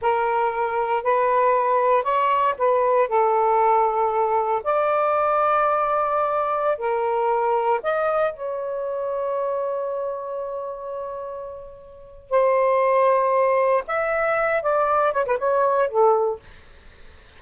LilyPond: \new Staff \with { instrumentName = "saxophone" } { \time 4/4 \tempo 4 = 117 ais'2 b'2 | cis''4 b'4 a'2~ | a'4 d''2.~ | d''4~ d''16 ais'2 dis''8.~ |
dis''16 cis''2.~ cis''8.~ | cis''1 | c''2. e''4~ | e''8 d''4 cis''16 b'16 cis''4 a'4 | }